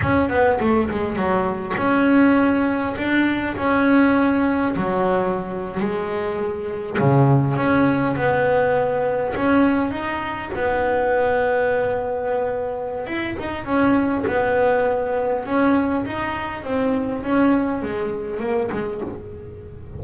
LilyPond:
\new Staff \with { instrumentName = "double bass" } { \time 4/4 \tempo 4 = 101 cis'8 b8 a8 gis8 fis4 cis'4~ | cis'4 d'4 cis'2 | fis4.~ fis16 gis2 cis16~ | cis8. cis'4 b2 cis'16~ |
cis'8. dis'4 b2~ b16~ | b2 e'8 dis'8 cis'4 | b2 cis'4 dis'4 | c'4 cis'4 gis4 ais8 gis8 | }